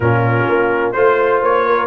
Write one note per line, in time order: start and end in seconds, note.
0.00 0.45 A#2
0.00 0.95 C#4
0.00 0.94 F4
0.00 0.91 A#4
0.48 0.95 A#3
0.91 1.42 A3
0.91 1.86 F4
0.91 1.39 C5
0.91 1.65 C5
1.42 1.86 A#3
1.42 1.86 C#5
1.65 1.86 A#4